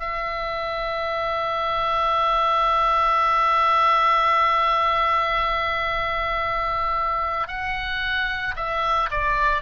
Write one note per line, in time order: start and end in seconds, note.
0.00 7.48 E5
7.48 8.55 F#5
8.57 9.10 E5
9.11 9.62 D5